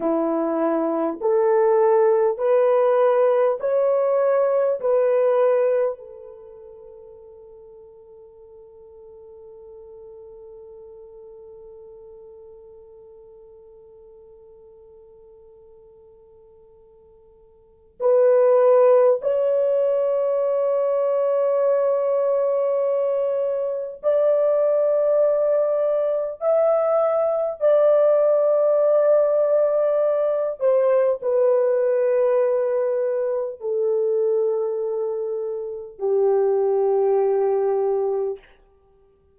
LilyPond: \new Staff \with { instrumentName = "horn" } { \time 4/4 \tempo 4 = 50 e'4 a'4 b'4 cis''4 | b'4 a'2.~ | a'1~ | a'2. b'4 |
cis''1 | d''2 e''4 d''4~ | d''4. c''8 b'2 | a'2 g'2 | }